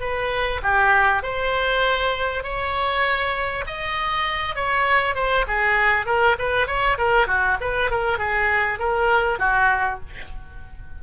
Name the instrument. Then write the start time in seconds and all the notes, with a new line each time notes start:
oboe
0.00 B4
0.62 G4
1.22 C5
2.43 C#5
3.66 D#5
4.55 C#5
5.15 C5
5.47 G#4
6.06 A#4
6.38 B4
6.67 C#5
6.98 A#4
7.27 F#4
7.60 B4
7.90 A#4
8.18 G#4
8.79 A#4
9.39 F#4